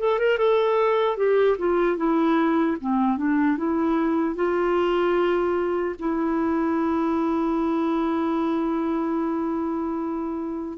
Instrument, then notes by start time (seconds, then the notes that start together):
clarinet
0.00 A4
0.19 A#4
0.38 A4
1.17 G4
1.59 F4
1.97 E4
2.81 C4
3.18 D4
3.58 E4
4.36 F4
5.99 E4